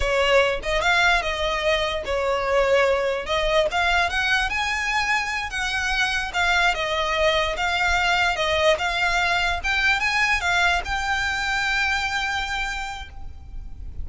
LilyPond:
\new Staff \with { instrumentName = "violin" } { \time 4/4 \tempo 4 = 147 cis''4. dis''8 f''4 dis''4~ | dis''4 cis''2. | dis''4 f''4 fis''4 gis''4~ | gis''4. fis''2 f''8~ |
f''8 dis''2 f''4.~ | f''8 dis''4 f''2 g''8~ | g''8 gis''4 f''4 g''4.~ | g''1 | }